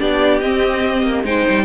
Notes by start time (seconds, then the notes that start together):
0.00 B3 D4 G4 D5
0.40 C4 D#5
1.03 A#3
1.24 G#3 D#4 C5 G5
1.50 G3